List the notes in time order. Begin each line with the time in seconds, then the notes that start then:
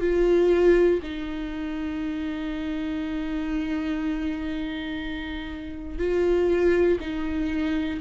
0.00 F4
1.02 D#4
5.98 F4
7.00 D#4